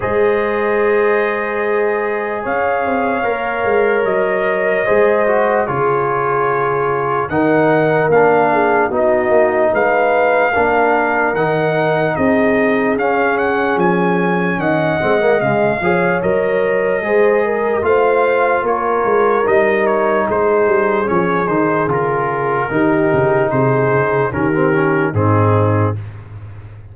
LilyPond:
<<
  \new Staff \with { instrumentName = "trumpet" } { \time 4/4 \tempo 4 = 74 dis''2. f''4~ | f''4 dis''2 cis''4~ | cis''4 fis''4 f''4 dis''4 | f''2 fis''4 dis''4 |
f''8 fis''8 gis''4 fis''4 f''4 | dis''2 f''4 cis''4 | dis''8 cis''8 c''4 cis''8 c''8 ais'4~ | ais'4 c''4 ais'4 gis'4 | }
  \new Staff \with { instrumentName = "horn" } { \time 4/4 c''2. cis''4~ | cis''2 c''4 gis'4~ | gis'4 ais'4. gis'8 fis'4 | b'4 ais'2 gis'4~ |
gis'2 dis''4. cis''8~ | cis''4 c''8 ais'8 c''4 ais'4~ | ais'4 gis'2. | g'4 gis'4 g'4 dis'4 | }
  \new Staff \with { instrumentName = "trombone" } { \time 4/4 gis'1 | ais'2 gis'8 fis'8 f'4~ | f'4 dis'4 d'4 dis'4~ | dis'4 d'4 dis'2 |
cis'2~ cis'8 c'16 ais16 gis8 gis'8 | ais'4 gis'4 f'2 | dis'2 cis'8 dis'8 f'4 | dis'2 cis'16 c'16 cis'8 c'4 | }
  \new Staff \with { instrumentName = "tuba" } { \time 4/4 gis2. cis'8 c'8 | ais8 gis8 fis4 gis4 cis4~ | cis4 dis4 ais4 b8 ais8 | gis4 ais4 dis4 c'4 |
cis'4 f4 dis8 gis8 cis8 f8 | fis4 gis4 a4 ais8 gis8 | g4 gis8 g8 f8 dis8 cis4 | dis8 cis8 c8 cis8 dis4 gis,4 | }
>>